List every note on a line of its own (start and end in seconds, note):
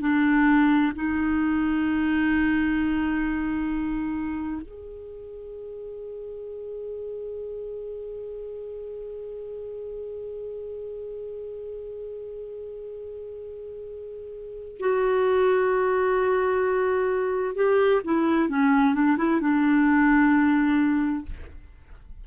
0.00 0.92 D4
0.95 4.62 D#4
4.62 14.77 G#4
14.79 17.56 F#4
17.56 18.02 G4
18.04 18.49 E4
18.49 18.94 C#4
18.94 19.17 D4
19.17 19.41 E4
19.41 21.25 D4